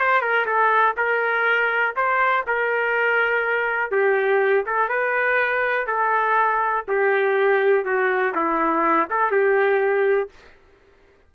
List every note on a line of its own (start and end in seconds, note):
0.00 0.21 C5
0.21 0.46 A#4
0.46 0.95 A4
0.97 1.95 A#4
1.96 2.45 C5
2.47 3.91 A#4
3.91 4.65 G4
4.66 4.89 A4
4.89 5.87 B4
5.87 6.85 A4
6.88 7.85 G4
7.85 8.34 F#4
8.35 9.09 E4
9.10 9.32 A4
9.32 10.30 G4